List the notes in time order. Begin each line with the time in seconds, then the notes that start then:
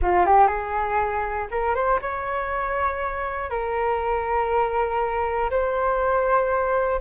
0.02 F4
0.26 G4
0.47 G#4
1.50 A#4
1.74 C5
2.01 C#5
3.50 A#4
5.50 C5